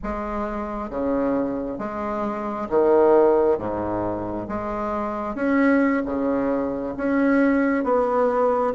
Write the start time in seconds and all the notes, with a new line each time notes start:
0.03 G#3
0.90 C#3
1.78 G#3
2.69 D#3
3.58 G#2
4.48 G#3
5.35 C#4
6.05 C#3
6.96 C#4
7.84 B3